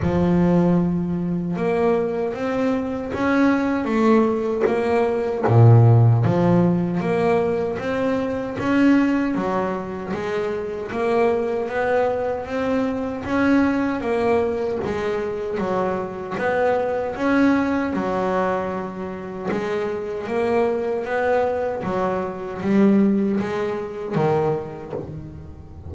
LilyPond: \new Staff \with { instrumentName = "double bass" } { \time 4/4 \tempo 4 = 77 f2 ais4 c'4 | cis'4 a4 ais4 ais,4 | f4 ais4 c'4 cis'4 | fis4 gis4 ais4 b4 |
c'4 cis'4 ais4 gis4 | fis4 b4 cis'4 fis4~ | fis4 gis4 ais4 b4 | fis4 g4 gis4 dis4 | }